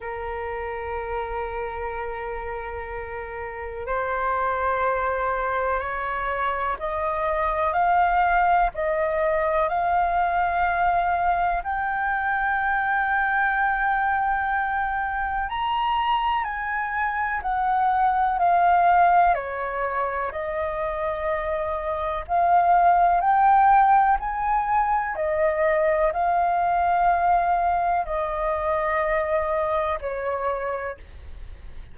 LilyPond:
\new Staff \with { instrumentName = "flute" } { \time 4/4 \tempo 4 = 62 ais'1 | c''2 cis''4 dis''4 | f''4 dis''4 f''2 | g''1 |
ais''4 gis''4 fis''4 f''4 | cis''4 dis''2 f''4 | g''4 gis''4 dis''4 f''4~ | f''4 dis''2 cis''4 | }